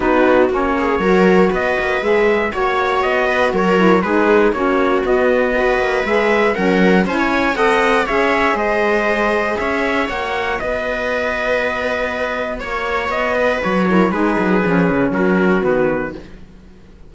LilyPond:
<<
  \new Staff \with { instrumentName = "trumpet" } { \time 4/4 \tempo 4 = 119 b'4 cis''2 dis''4 | e''4 cis''4 dis''4 cis''4 | b'4 cis''4 dis''2 | e''4 fis''4 gis''4 fis''4 |
e''4 dis''2 e''4 | fis''4 dis''2.~ | dis''4 cis''4 dis''4 cis''4 | b'2 ais'4 b'4 | }
  \new Staff \with { instrumentName = "viola" } { \time 4/4 fis'4. gis'8 ais'4 b'4~ | b'4 cis''4. b'8 ais'4 | gis'4 fis'2 b'4~ | b'4 ais'4 c''16 cis''8. dis''4 |
cis''4 c''2 cis''4~ | cis''4 b'2.~ | b'4 cis''4. b'4 ais'8 | gis'2 fis'2 | }
  \new Staff \with { instrumentName = "saxophone" } { \time 4/4 dis'4 cis'4 fis'2 | gis'4 fis'2~ fis'8 e'8 | dis'4 cis'4 b4 fis'4 | gis'4 cis'4 e'4 a'4 |
gis'1 | fis'1~ | fis'2.~ fis'8 e'8 | dis'4 cis'2 b4 | }
  \new Staff \with { instrumentName = "cello" } { \time 4/4 b4 ais4 fis4 b8 ais8 | gis4 ais4 b4 fis4 | gis4 ais4 b4. ais8 | gis4 fis4 cis'4 c'4 |
cis'4 gis2 cis'4 | ais4 b2.~ | b4 ais4 b4 fis4 | gis8 fis8 f8 cis8 fis4 dis4 | }
>>